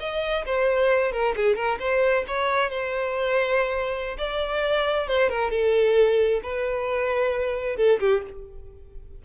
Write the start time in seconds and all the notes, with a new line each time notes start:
0.00 D#5
0.46 C5
1.13 A#4
1.36 G#4
1.56 A#4
1.80 C5
2.28 C#5
2.70 C5
4.18 D5
5.08 C5
5.30 A#4
5.51 A4
6.43 B4
7.77 A4
8.00 G4